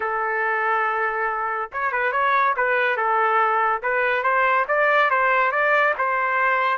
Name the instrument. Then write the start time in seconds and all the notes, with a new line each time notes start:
trumpet
0.00 A4
1.72 C#5
1.92 B4
2.12 C#5
2.56 B4
2.97 A4
3.82 B4
4.23 C5
4.68 D5
5.10 C5
5.51 D5
5.97 C5